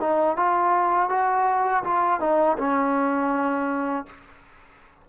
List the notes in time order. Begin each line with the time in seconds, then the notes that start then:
0.00 D#4
0.36 F4
1.09 F#4
1.84 F4
2.20 D#4
2.58 C#4